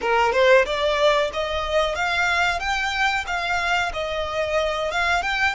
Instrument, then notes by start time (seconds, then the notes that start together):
violin
0.01 A#4
0.32 C5
0.65 D5
1.33 D#5
1.95 F5
2.59 G5
3.26 F5
3.93 D#5
4.91 F5
5.22 G5